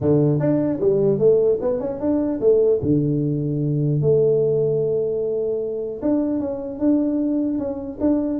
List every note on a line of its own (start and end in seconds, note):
0.00 0.39 D3
0.39 0.79 D4
0.80 1.19 G3
1.19 1.59 A3
1.61 1.80 B3
1.80 2.00 C#4
2.00 2.40 D4
2.40 2.80 A3
2.82 4.01 D3
4.01 6.01 A3
6.02 6.39 D4
6.39 6.79 C#4
6.79 7.58 D4
7.58 7.98 C#4
8.00 8.39 D4